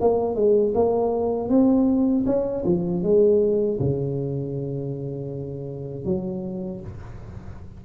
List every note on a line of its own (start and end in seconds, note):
0.00 0.35 A#3
0.35 0.73 G#3
0.74 1.49 A#3
1.49 2.25 C4
2.26 2.64 C#4
2.65 3.02 F3
3.02 3.78 G#3
3.79 6.04 C#3
6.04 6.80 F#3